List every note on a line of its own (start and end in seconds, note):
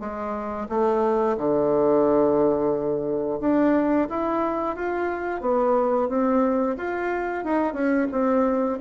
0.00 0.67 G#3
0.69 1.37 A3
1.37 3.40 D3
3.40 4.08 D4
4.09 4.76 E4
4.76 5.41 F4
5.41 6.09 B3
6.09 6.76 C4
6.77 7.44 F4
7.44 7.73 D#4
7.73 8.07 C#4
8.11 8.79 C4